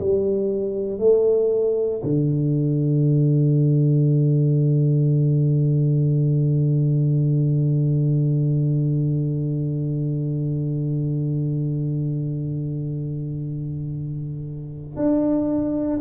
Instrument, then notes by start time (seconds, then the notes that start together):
tuba
0.00 G3
0.99 A3
2.04 D3
14.96 D4